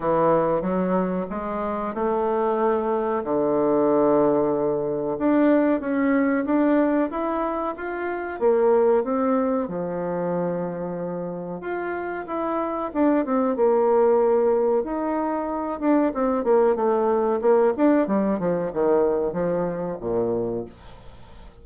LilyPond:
\new Staff \with { instrumentName = "bassoon" } { \time 4/4 \tempo 4 = 93 e4 fis4 gis4 a4~ | a4 d2. | d'4 cis'4 d'4 e'4 | f'4 ais4 c'4 f4~ |
f2 f'4 e'4 | d'8 c'8 ais2 dis'4~ | dis'8 d'8 c'8 ais8 a4 ais8 d'8 | g8 f8 dis4 f4 ais,4 | }